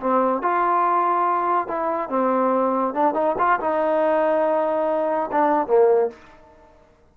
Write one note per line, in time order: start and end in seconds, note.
0.00 0.42 C4
0.42 1.68 F4
1.68 2.09 E4
2.09 2.94 C4
2.94 3.14 D4
3.14 3.35 D#4
3.38 3.60 F4
3.60 5.30 D#4
5.32 5.67 D4
5.67 6.10 A#3